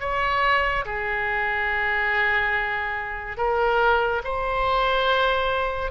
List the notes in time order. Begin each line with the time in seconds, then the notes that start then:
0.00 C#5
0.85 G#4
3.37 A#4
4.24 C5